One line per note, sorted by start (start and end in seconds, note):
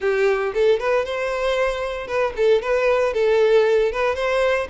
0.00 0.53 G4
0.54 0.79 A4
0.79 1.05 B4
1.05 2.07 C5
2.07 2.33 B4
2.36 2.62 A4
2.62 3.13 B4
3.13 3.91 A4
3.92 4.15 B4
4.15 4.67 C5